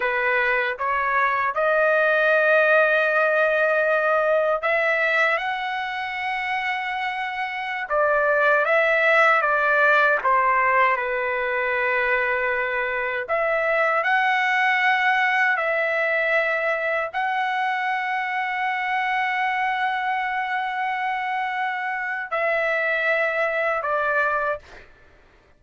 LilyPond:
\new Staff \with { instrumentName = "trumpet" } { \time 4/4 \tempo 4 = 78 b'4 cis''4 dis''2~ | dis''2 e''4 fis''4~ | fis''2~ fis''16 d''4 e''8.~ | e''16 d''4 c''4 b'4.~ b'16~ |
b'4~ b'16 e''4 fis''4.~ fis''16~ | fis''16 e''2 fis''4.~ fis''16~ | fis''1~ | fis''4 e''2 d''4 | }